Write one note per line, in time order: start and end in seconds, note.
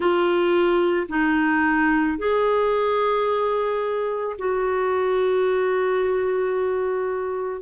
0.00 1.07 F4
1.09 2.18 D#4
2.18 4.36 G#4
4.38 7.61 F#4